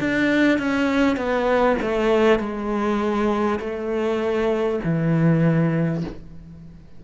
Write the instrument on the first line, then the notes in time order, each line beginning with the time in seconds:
cello
0.00 D4
0.59 C#4
1.17 B3
1.82 A3
2.39 G#3
3.60 A3
4.84 E3